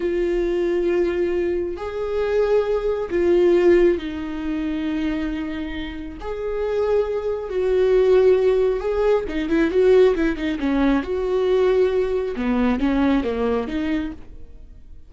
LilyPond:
\new Staff \with { instrumentName = "viola" } { \time 4/4 \tempo 4 = 136 f'1 | gis'2. f'4~ | f'4 dis'2.~ | dis'2 gis'2~ |
gis'4 fis'2. | gis'4 dis'8 e'8 fis'4 e'8 dis'8 | cis'4 fis'2. | b4 cis'4 ais4 dis'4 | }